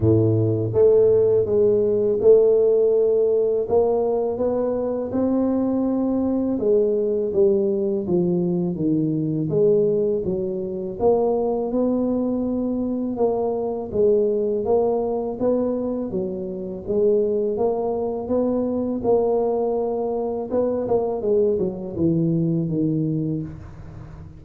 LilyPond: \new Staff \with { instrumentName = "tuba" } { \time 4/4 \tempo 4 = 82 a,4 a4 gis4 a4~ | a4 ais4 b4 c'4~ | c'4 gis4 g4 f4 | dis4 gis4 fis4 ais4 |
b2 ais4 gis4 | ais4 b4 fis4 gis4 | ais4 b4 ais2 | b8 ais8 gis8 fis8 e4 dis4 | }